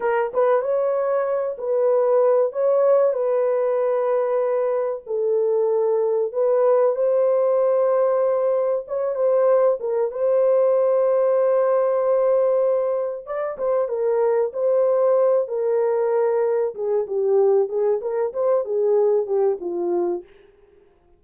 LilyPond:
\new Staff \with { instrumentName = "horn" } { \time 4/4 \tempo 4 = 95 ais'8 b'8 cis''4. b'4. | cis''4 b'2. | a'2 b'4 c''4~ | c''2 cis''8 c''4 ais'8 |
c''1~ | c''4 d''8 c''8 ais'4 c''4~ | c''8 ais'2 gis'8 g'4 | gis'8 ais'8 c''8 gis'4 g'8 f'4 | }